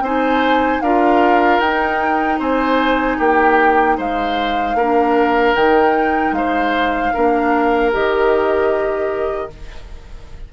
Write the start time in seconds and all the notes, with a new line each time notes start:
0.00 C4 D#4 C5 G#5
0.81 D4 F4 A#4 F5
1.59 D#4 G5
2.38 C4 C5 G#5
3.17 A#3 G4 G5
3.97 G#3 C5 F5
4.74 A#3 D4 A#4
5.54 D#3 D#4 G5
6.31 G#3 C5 F5
7.13 A#3 D4 A#4
7.91 D#3 G4 D#5